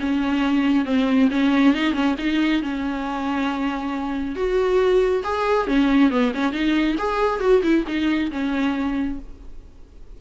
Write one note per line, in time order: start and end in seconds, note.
0.00 0.85 C#4
0.85 1.29 C4
1.31 1.75 C#4
1.75 1.93 D#4
1.93 2.15 C#4
2.19 2.62 D#4
2.62 4.36 C#4
4.36 5.23 F#4
5.24 5.67 G#4
5.67 6.11 C#4
6.11 6.32 B3
6.34 6.52 C#4
6.52 6.96 D#4
6.99 7.40 G#4
7.40 7.62 F#4
7.63 7.85 E4
7.87 8.31 D#4
8.32 9.19 C#4